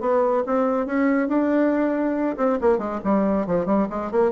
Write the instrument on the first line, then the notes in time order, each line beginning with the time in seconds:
bassoon
0.00 B3
0.46 C4
0.86 C#4
1.28 D4
2.37 C4
2.61 A#3
2.78 G#3
3.04 G3
3.46 F3
3.66 G3
3.90 G#3
4.11 A#3